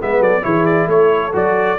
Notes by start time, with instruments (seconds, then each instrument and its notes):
0.00 tuba G#3, trombone B3, horn B4, trumpet E5
0.20 tuba F#3, horn A4, trumpet D5
0.42 tuba E3, trombone E4, horn G#4, trumpet C#5
0.66 trumpet D5
0.87 tuba A3, horn A4, trumpet C#5
1.33 tuba F#3, trombone F#4, trumpet D5